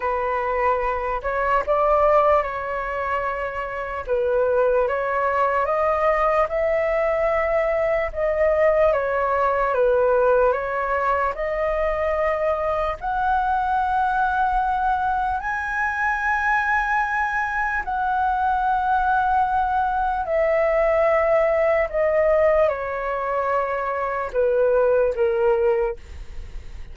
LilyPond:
\new Staff \with { instrumentName = "flute" } { \time 4/4 \tempo 4 = 74 b'4. cis''8 d''4 cis''4~ | cis''4 b'4 cis''4 dis''4 | e''2 dis''4 cis''4 | b'4 cis''4 dis''2 |
fis''2. gis''4~ | gis''2 fis''2~ | fis''4 e''2 dis''4 | cis''2 b'4 ais'4 | }